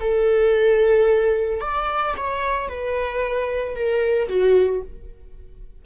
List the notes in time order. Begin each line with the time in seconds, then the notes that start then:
0.00 A4
1.60 D5
2.17 C#5
2.68 B4
3.75 A#4
4.28 F#4